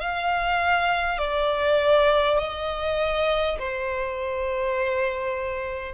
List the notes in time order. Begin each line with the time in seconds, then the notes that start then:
0.00 F5
1.18 D5
2.38 D#5
3.58 C5